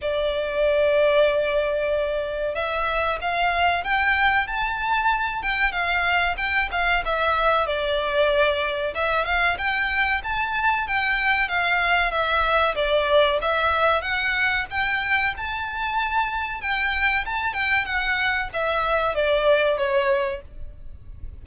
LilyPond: \new Staff \with { instrumentName = "violin" } { \time 4/4 \tempo 4 = 94 d''1 | e''4 f''4 g''4 a''4~ | a''8 g''8 f''4 g''8 f''8 e''4 | d''2 e''8 f''8 g''4 |
a''4 g''4 f''4 e''4 | d''4 e''4 fis''4 g''4 | a''2 g''4 a''8 g''8 | fis''4 e''4 d''4 cis''4 | }